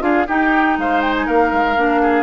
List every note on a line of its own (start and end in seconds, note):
0.00 0.26 D4
0.00 0.25 F4
0.00 0.27 G#4
0.00 0.27 F5
0.27 0.78 D#4
0.27 1.76 D#4
0.27 0.77 G4
0.27 0.79 G5
0.78 1.27 G#3
0.78 1.26 C5
0.78 1.01 F5
1.01 1.13 G5
1.16 1.27 G#5
1.26 1.52 A#3
1.26 2.01 A#4
1.26 2.23 F5
1.52 1.76 G#3
1.76 2.23 A#3
1.76 2.23 D4
2.01 2.23 G#4